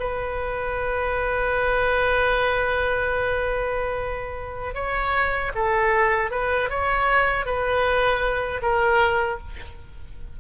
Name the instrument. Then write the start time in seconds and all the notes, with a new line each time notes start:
oboe
0.00 B4
4.75 C#5
5.55 A4
6.31 B4
6.70 C#5
7.46 B4
8.62 A#4